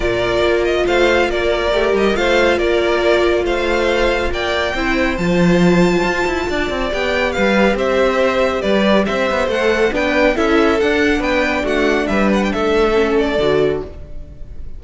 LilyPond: <<
  \new Staff \with { instrumentName = "violin" } { \time 4/4 \tempo 4 = 139 d''4. dis''8 f''4 d''4~ | d''8 dis''8 f''4 d''2 | f''2 g''2 | a''1 |
g''4 f''4 e''2 | d''4 e''4 fis''4 g''4 | e''4 fis''4 g''4 fis''4 | e''8 fis''16 g''16 e''4. d''4. | }
  \new Staff \with { instrumentName = "violin" } { \time 4/4 ais'2 c''4 ais'4~ | ais'4 c''4 ais'2 | c''2 d''4 c''4~ | c''2. d''4~ |
d''4 b'4 c''2 | b'4 c''2 b'4 | a'2 b'4 fis'4 | b'4 a'2. | }
  \new Staff \with { instrumentName = "viola" } { \time 4/4 f'1 | g'4 f'2.~ | f'2. e'4 | f'1 |
g'1~ | g'2 a'4 d'4 | e'4 d'2.~ | d'2 cis'4 fis'4 | }
  \new Staff \with { instrumentName = "cello" } { \time 4/4 ais,4 ais4 a4 ais4 | a8 g8 a4 ais2 | a2 ais4 c'4 | f2 f'8 e'8 d'8 c'8 |
b4 g4 c'2 | g4 c'8 b8 a4 b4 | cis'4 d'4 b4 a4 | g4 a2 d4 | }
>>